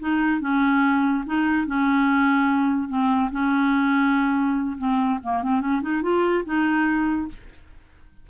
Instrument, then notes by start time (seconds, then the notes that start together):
clarinet
0.00 D#4
0.41 C#4
1.26 D#4
1.67 C#4
2.89 C4
3.31 C#4
4.78 C4
5.23 A#3
5.43 C4
5.61 C#4
5.82 D#4
6.02 F4
6.45 D#4